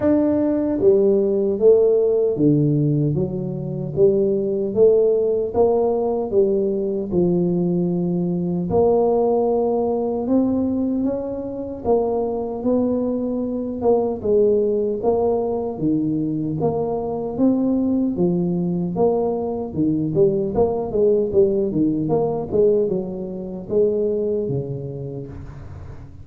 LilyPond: \new Staff \with { instrumentName = "tuba" } { \time 4/4 \tempo 4 = 76 d'4 g4 a4 d4 | fis4 g4 a4 ais4 | g4 f2 ais4~ | ais4 c'4 cis'4 ais4 |
b4. ais8 gis4 ais4 | dis4 ais4 c'4 f4 | ais4 dis8 g8 ais8 gis8 g8 dis8 | ais8 gis8 fis4 gis4 cis4 | }